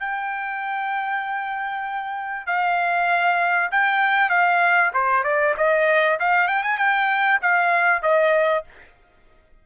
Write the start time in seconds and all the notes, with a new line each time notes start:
0.00 G5
2.47 F5
3.71 G5
4.30 F5
4.94 C5
5.24 D5
5.57 D#5
6.20 F5
6.48 G5
6.63 G#5
6.78 G5
7.42 F5
8.03 D#5